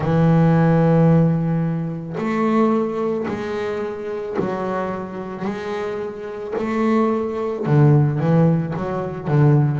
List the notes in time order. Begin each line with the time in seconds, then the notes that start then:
0.00 E3
2.17 A3
3.27 G#3
4.39 F#3
5.44 G#3
6.58 A3
7.66 D3
8.19 E3
8.76 F#3
9.27 D3